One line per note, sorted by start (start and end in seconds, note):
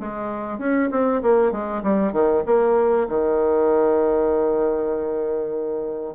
0.00 0.59 G#3
0.59 0.90 C#4
0.91 1.22 C4
1.22 1.52 A#3
1.52 1.83 G#3
1.83 2.13 G3
2.13 2.44 D#3
2.46 3.08 A#3
3.08 6.15 D#3